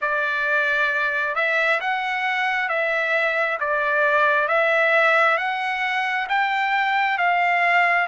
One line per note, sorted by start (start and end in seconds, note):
0.01 1.35 D5
1.35 1.80 E5
1.80 2.69 F#5
2.69 3.58 E5
3.60 4.48 D5
4.48 5.37 E5
5.37 6.27 F#5
6.28 7.18 G5
7.18 8.07 F5